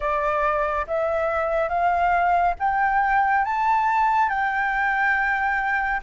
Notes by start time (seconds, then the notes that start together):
0.00 D5
0.87 E5
1.68 F5
2.59 G5
3.44 A5
4.29 G5